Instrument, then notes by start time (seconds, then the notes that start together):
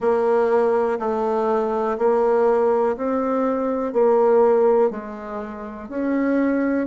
bassoon
0.00 A#3
0.99 A3
1.98 A#3
2.96 C4
3.92 A#3
4.90 G#3
5.88 C#4